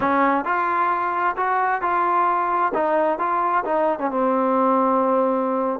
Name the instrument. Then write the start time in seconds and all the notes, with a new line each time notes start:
trombone
0.00 C#4
0.44 F4
1.36 F#4
1.81 F4
2.74 D#4
3.18 F4
3.65 D#4
3.99 C#4
4.10 C4